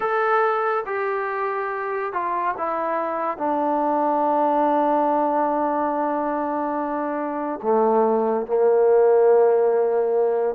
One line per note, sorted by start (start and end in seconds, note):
0.00 0.84 A4
0.86 2.12 G4
2.12 2.55 F4
2.57 3.37 E4
3.37 7.60 D4
7.62 8.46 A3
8.46 10.55 A#3